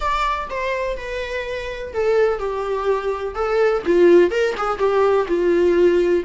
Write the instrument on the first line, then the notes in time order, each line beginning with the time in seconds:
viola
0.00 D5
0.49 C5
0.97 B4
1.93 A4
2.39 G4
3.34 A4
3.85 F4
4.30 A#4
4.57 G#4
4.78 G4
5.27 F4